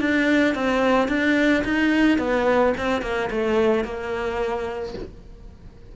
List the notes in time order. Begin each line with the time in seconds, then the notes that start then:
0.00 D4
0.55 C4
1.09 D4
1.65 D#4
2.19 B3
2.77 C4
3.02 A#3
3.31 A3
3.84 A#3